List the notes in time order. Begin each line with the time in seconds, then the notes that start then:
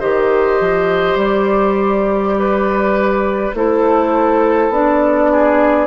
0.00 D#3 G4 C5 D#5
0.61 F3
1.16 G3 D5
2.39 B4
3.54 A3 E4 A4 C5
4.70 B3 D4 D5
5.31 G#4